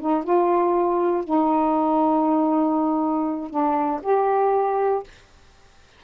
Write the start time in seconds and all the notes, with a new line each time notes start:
0.00 D#4
0.24 F4
1.24 D#4
3.50 D4
4.02 G4